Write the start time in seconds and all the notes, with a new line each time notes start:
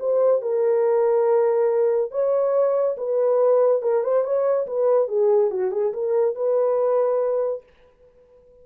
0.00 C5
0.42 A#4
2.12 C#5
2.98 B4
3.83 A#4
4.04 C5
4.24 C#5
4.68 B4
5.09 G#4
5.51 F#4
5.72 G#4
5.94 A#4
6.36 B4